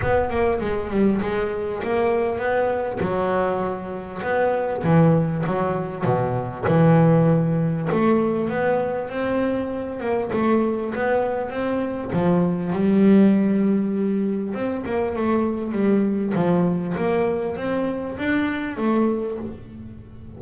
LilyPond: \new Staff \with { instrumentName = "double bass" } { \time 4/4 \tempo 4 = 99 b8 ais8 gis8 g8 gis4 ais4 | b4 fis2 b4 | e4 fis4 b,4 e4~ | e4 a4 b4 c'4~ |
c'8 ais8 a4 b4 c'4 | f4 g2. | c'8 ais8 a4 g4 f4 | ais4 c'4 d'4 a4 | }